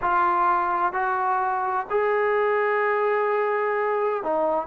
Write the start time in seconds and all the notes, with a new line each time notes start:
0.01 F4
0.92 F#4
1.90 G#4
4.23 D#4